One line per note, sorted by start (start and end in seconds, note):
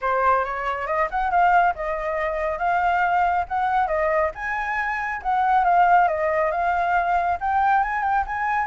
0.01 0.44 C5
0.44 0.86 C#5
0.86 1.08 D#5
1.10 1.30 F#5
1.30 1.74 F5
1.75 2.58 D#5
2.58 3.45 F5
3.48 3.87 F#5
3.87 4.30 D#5
4.34 5.21 G#5
5.22 5.64 F#5
5.64 6.08 F5
6.08 6.51 D#5
6.51 7.38 F5
7.40 7.83 G5
7.83 8.02 G#5
8.02 8.24 G5
8.26 8.67 G#5